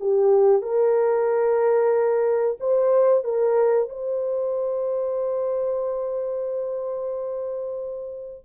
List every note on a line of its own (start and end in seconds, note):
0.00 0.62 G4
0.62 2.58 A#4
2.60 3.24 C5
3.24 3.89 A#4
3.89 8.45 C5